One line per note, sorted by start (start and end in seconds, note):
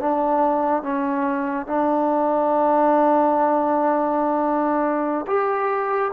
0.00 0.83 D4
0.83 1.67 C#4
1.67 5.26 D4
5.27 6.12 G4